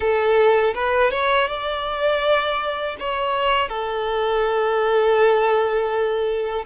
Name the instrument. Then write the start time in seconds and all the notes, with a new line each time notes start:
violin
0.00 A4
0.74 B4
1.10 C#5
1.48 D5
2.99 C#5
3.68 A4